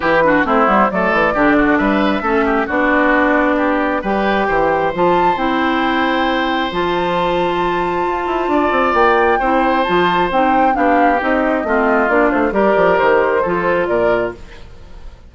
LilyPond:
<<
  \new Staff \with { instrumentName = "flute" } { \time 4/4 \tempo 4 = 134 b'4 c''4 d''2 | e''2 d''2~ | d''4 g''2 a''4 | g''2. a''4~ |
a''1 | g''2 a''4 g''4 | f''4 dis''2 d''8 c''8 | d''4 c''2 d''4 | }
  \new Staff \with { instrumentName = "oboe" } { \time 4/4 g'8 fis'8 e'4 a'4 g'8 fis'8 | b'4 a'8 g'8 fis'2 | g'4 b'4 c''2~ | c''1~ |
c''2. d''4~ | d''4 c''2. | g'2 f'2 | ais'2 a'4 ais'4 | }
  \new Staff \with { instrumentName = "clarinet" } { \time 4/4 e'8 d'8 c'8 b8 a4 d'4~ | d'4 cis'4 d'2~ | d'4 g'2 f'4 | e'2. f'4~ |
f'1~ | f'4 e'4 f'4 dis'4 | d'4 dis'4 c'4 d'4 | g'2 f'2 | }
  \new Staff \with { instrumentName = "bassoon" } { \time 4/4 e4 a8 g8 fis8 e8 d4 | g4 a4 b2~ | b4 g4 e4 f4 | c'2. f4~ |
f2 f'8 e'8 d'8 c'8 | ais4 c'4 f4 c'4 | b4 c'4 a4 ais8 a8 | g8 f8 dis4 f4 ais,4 | }
>>